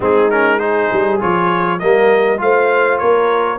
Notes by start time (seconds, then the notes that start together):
0.00 G#3 C4 D#4 G#4
0.30 C#4 A#4
0.59 D#4 G#4 C5
0.92 G3
1.19 F3 F4 C#5
1.79 G3 A#3 A#4 D#5
2.37 A3 F4 C5 F5
2.98 A#3 A#4 C#5